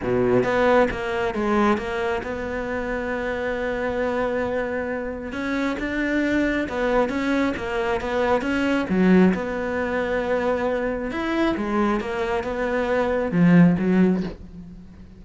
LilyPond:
\new Staff \with { instrumentName = "cello" } { \time 4/4 \tempo 4 = 135 b,4 b4 ais4 gis4 | ais4 b2.~ | b1 | cis'4 d'2 b4 |
cis'4 ais4 b4 cis'4 | fis4 b2.~ | b4 e'4 gis4 ais4 | b2 f4 fis4 | }